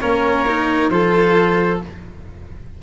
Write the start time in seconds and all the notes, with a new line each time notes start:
0.00 A#3 C#4 A#4 C#5
0.47 D#4
0.89 F3 F4 A4 C5